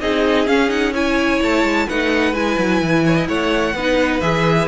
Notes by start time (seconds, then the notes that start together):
0.00 C4 D#4 G#4 D#5
0.46 C#4 F5
0.67 D#4 F#5
0.93 E4 C#5 G#5
1.41 A3 A5
1.63 G#3
1.87 A3 D#4 B4 F#5
2.33 G#3 E4 G#5
2.58 F#3
2.81 E3
3.05 C#5
3.15 D#5
3.28 A3 C#5 F#5
3.74 B3 D#4 B4
4.20 E3 G#4 E5